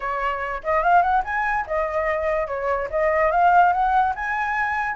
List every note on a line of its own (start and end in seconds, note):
0.00 0.62 C#5
0.63 0.83 D#5
0.83 1.02 F5
1.02 1.22 F#5
1.24 1.65 G#5
1.66 2.47 D#5
2.47 2.88 C#5
2.90 3.31 D#5
3.31 3.72 F5
3.72 4.14 F#5
4.15 4.95 G#5